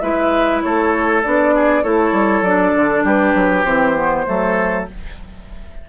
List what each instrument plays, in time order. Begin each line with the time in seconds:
0.00 bassoon G#3, clarinet E4, oboe B4, flute E5
0.62 bassoon A3, oboe A4, flute C#5
1.23 bassoon B3, clarinet D4, flute D5
1.55 oboe G#4
1.84 bassoon A3, clarinet E4, oboe A4, flute C#5
2.12 bassoon G3
2.42 bassoon F#3, clarinet D4, flute D5
2.77 bassoon D3
3.04 bassoon G3, oboe G4, flute B4
3.35 bassoon F#3
3.65 bassoon E3, clarinet C4, flute C5
3.95 clarinet B3
4.26 bassoon F#3, clarinet A3, oboe A4